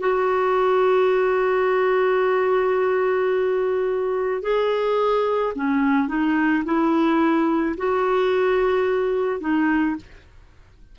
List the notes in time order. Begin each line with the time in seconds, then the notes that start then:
0.00 F#4
4.42 G#4
5.55 C#4
6.08 D#4
6.65 E4
7.77 F#4
9.40 D#4